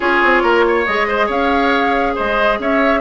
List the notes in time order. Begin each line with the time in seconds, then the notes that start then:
0.00 C#4 F4 G#4 C#5
0.23 C4
0.42 A#3 A#4
0.67 C#5
0.85 G#3 G#4 D#5
1.07 C5
1.26 C#4 C#5 F5
2.15 G#3 C5 D#5
2.59 C#4 C#5 E5